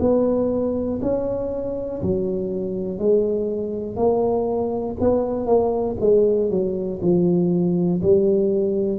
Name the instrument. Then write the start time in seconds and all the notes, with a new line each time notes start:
tuba
0.00 B3
1.02 C#4
2.02 F#3
2.99 G#3
3.96 A#3
5.00 B3
5.46 A#3
6.00 G#3
6.50 F#3
7.02 F3
8.02 G3